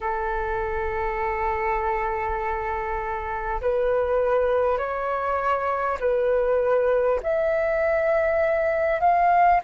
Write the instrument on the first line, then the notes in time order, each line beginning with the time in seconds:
flute
0.00 A4
3.61 B4
4.77 C#5
6.00 B4
7.22 E5
9.00 F5